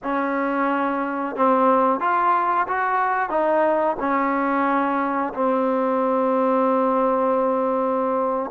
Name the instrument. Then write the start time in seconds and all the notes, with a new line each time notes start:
trombone
0.03 C#4
1.35 C4
2.00 F4
2.67 F#4
3.29 D#4
3.99 C#4
5.33 C4